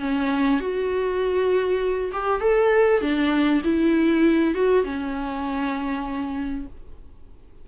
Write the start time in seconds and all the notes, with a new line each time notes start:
0.00 C#4
0.61 F#4
2.13 G4
2.41 A4
3.02 D4
3.64 E4
4.55 F#4
4.85 C#4